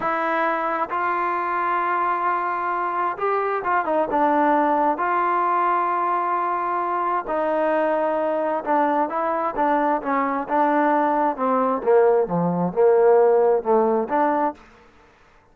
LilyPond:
\new Staff \with { instrumentName = "trombone" } { \time 4/4 \tempo 4 = 132 e'2 f'2~ | f'2. g'4 | f'8 dis'8 d'2 f'4~ | f'1 |
dis'2. d'4 | e'4 d'4 cis'4 d'4~ | d'4 c'4 ais4 f4 | ais2 a4 d'4 | }